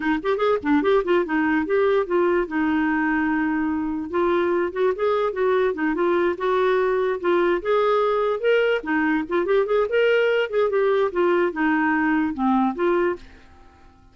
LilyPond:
\new Staff \with { instrumentName = "clarinet" } { \time 4/4 \tempo 4 = 146 dis'8 g'8 gis'8 d'8 g'8 f'8 dis'4 | g'4 f'4 dis'2~ | dis'2 f'4. fis'8 | gis'4 fis'4 dis'8 f'4 fis'8~ |
fis'4. f'4 gis'4.~ | gis'8 ais'4 dis'4 f'8 g'8 gis'8 | ais'4. gis'8 g'4 f'4 | dis'2 c'4 f'4 | }